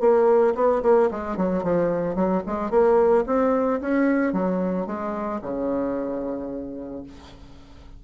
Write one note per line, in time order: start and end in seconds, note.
0.00 0.54 A#3
0.55 0.82 B3
0.83 1.10 A#3
1.11 1.37 G#3
1.37 1.63 F#3
1.63 2.15 F3
2.15 2.43 F#3
2.46 2.70 G#3
2.70 3.24 A#3
3.26 3.80 C4
3.81 4.33 C#4
4.33 4.86 F#3
4.86 5.40 G#3
5.42 7.04 C#3